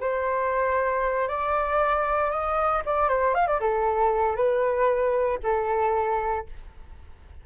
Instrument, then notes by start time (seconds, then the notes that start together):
flute
0.00 C5
1.28 D5
2.31 D#5
2.85 D5
3.08 C5
3.34 F5
3.47 D5
3.60 A4
4.36 B4
5.43 A4